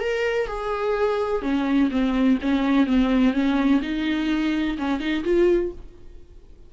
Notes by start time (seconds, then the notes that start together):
0.00 A#4
0.47 G#4
1.42 C#4
1.91 C4
2.42 C#4
2.86 C4
3.33 C#4
3.82 D#4
4.78 C#4
5.00 D#4
5.24 F4